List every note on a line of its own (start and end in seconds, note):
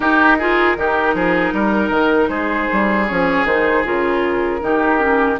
0.00 0.37 D#4
0.00 0.76 D#4
0.00 0.37 G4
0.00 2.28 A#4
0.38 0.76 F4
0.38 0.76 G#4
0.76 1.13 D#3
0.76 3.07 D#4
0.76 1.15 G4
1.13 1.52 F3
1.13 1.53 G#4
1.52 1.89 G3
1.52 2.29 A#4
1.89 2.28 D#3
2.28 2.67 G#3
2.28 4.60 G#4
2.28 3.05 C5
2.72 3.10 G3
3.07 3.44 F3
3.07 3.47 C#4
3.07 3.45 C#5
3.44 3.83 D#3
3.44 3.84 D#4
3.44 3.85 C5
3.84 4.61 C#3
3.84 4.60 F4
3.84 5.39 A#4
4.60 5.39 D#3
4.60 4.98 D#4
4.60 5.39 G4
4.98 5.36 C#4